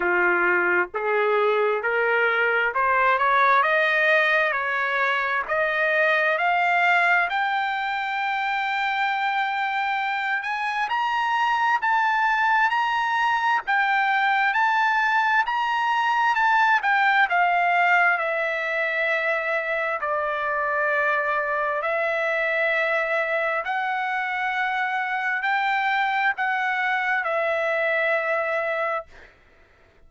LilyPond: \new Staff \with { instrumentName = "trumpet" } { \time 4/4 \tempo 4 = 66 f'4 gis'4 ais'4 c''8 cis''8 | dis''4 cis''4 dis''4 f''4 | g''2.~ g''8 gis''8 | ais''4 a''4 ais''4 g''4 |
a''4 ais''4 a''8 g''8 f''4 | e''2 d''2 | e''2 fis''2 | g''4 fis''4 e''2 | }